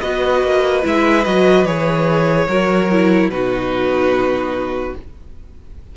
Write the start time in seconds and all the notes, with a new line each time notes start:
0.00 B3 F#4 B4 D#5
0.43 A#3
0.82 G#3 E4 E5
1.24 F#3 F#4 D#5
1.65 E3 G#4 C#5
2.48 F#3 F#4 A#4
2.91 E4
3.28 B2 D#4 F#4 B4